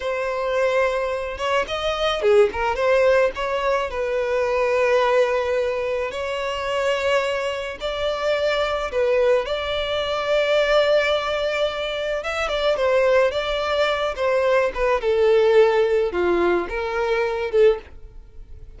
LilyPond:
\new Staff \with { instrumentName = "violin" } { \time 4/4 \tempo 4 = 108 c''2~ c''8 cis''8 dis''4 | gis'8 ais'8 c''4 cis''4 b'4~ | b'2. cis''4~ | cis''2 d''2 |
b'4 d''2.~ | d''2 e''8 d''8 c''4 | d''4. c''4 b'8 a'4~ | a'4 f'4 ais'4. a'8 | }